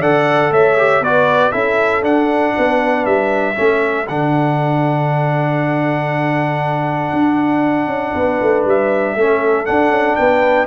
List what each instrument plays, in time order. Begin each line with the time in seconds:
0.00 tuba D3, trombone A4, horn D5, trumpet F#5
0.51 tuba A3, horn C#5, trumpet E5
0.78 trombone G4
1.00 tuba B3, trombone F#4, horn B4, trumpet D5
1.52 tuba C#4, trombone E4, horn A4, trumpet E5
2.02 trombone D4, tuba D4, trumpet F#5
2.56 tuba B3, horn B4
3.06 tuba G3, trumpet E5
3.55 tuba A3, trombone C#4, horn A4
4.08 tuba D3, trombone D4, trumpet F#5
7.13 tuba D4
7.87 tuba C#4
8.13 tuba B3, horn B4
8.42 tuba A3
8.65 tuba G3, trumpet E5
9.16 tuba A3, trombone C#4, horn A4
9.66 trombone D4, tuba D4, trumpet F#5
9.90 tuba C#4
10.16 tuba B3, horn B4, trumpet G5